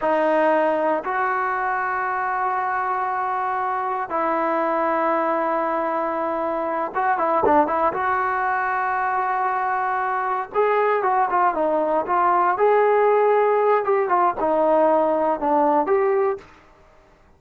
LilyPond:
\new Staff \with { instrumentName = "trombone" } { \time 4/4 \tempo 4 = 117 dis'2 fis'2~ | fis'1 | e'1~ | e'4. fis'8 e'8 d'8 e'8 fis'8~ |
fis'1~ | fis'8 gis'4 fis'8 f'8 dis'4 f'8~ | f'8 gis'2~ gis'8 g'8 f'8 | dis'2 d'4 g'4 | }